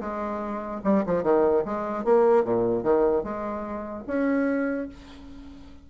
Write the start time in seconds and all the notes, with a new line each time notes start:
0.00 G#3
0.84 G3
1.06 F3
1.23 D#3
1.65 G#3
2.04 A#3
2.44 A#2
2.83 D#3
3.23 G#3
4.07 C#4